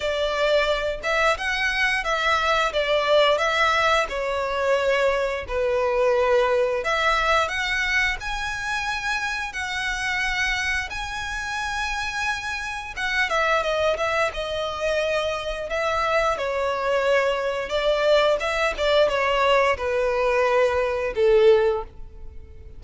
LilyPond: \new Staff \with { instrumentName = "violin" } { \time 4/4 \tempo 4 = 88 d''4. e''8 fis''4 e''4 | d''4 e''4 cis''2 | b'2 e''4 fis''4 | gis''2 fis''2 |
gis''2. fis''8 e''8 | dis''8 e''8 dis''2 e''4 | cis''2 d''4 e''8 d''8 | cis''4 b'2 a'4 | }